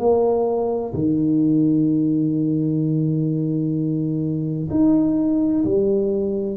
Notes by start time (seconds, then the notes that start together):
0.00 A#3
0.94 D#3
4.71 D#4
5.65 G3